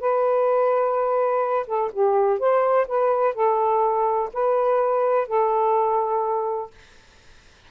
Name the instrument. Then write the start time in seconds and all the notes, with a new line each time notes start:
saxophone
0.00 B4
1.67 A4
1.92 G4
2.39 C5
2.88 B4
3.35 A4
4.33 B4
5.28 A4